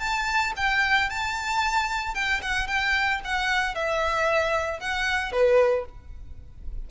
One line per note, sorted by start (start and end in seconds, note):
0.00 0.53 A5
0.57 1.10 G5
1.10 2.15 A5
2.15 2.41 G5
2.43 2.68 F#5
2.68 3.21 G5
3.25 3.75 F#5
3.75 4.81 E5
4.81 5.32 F#5
5.32 5.86 B4